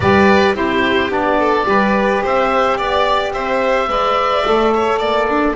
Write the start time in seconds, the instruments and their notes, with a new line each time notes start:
0.00 double bass G3, saxophone G4, violin B4, oboe D5
0.54 double bass C4, saxophone E4, violin G4, oboe C5
1.09 double bass B3, saxophone D4, oboe D5
1.39 violin A4
1.64 double bass G3, saxophone G4, violin B4
2.23 double bass C4, violin C5, oboe E5
2.77 double bass B3, violin D5, oboe D5
3.33 double bass C4, violin C5, oboe E5
3.88 double bass G#3, saxophone B4, violin D5
4.44 double bass A3, saxophone A4
4.74 violin C#5
4.98 double bass A#3, violin D5, oboe D5
5.28 violin D4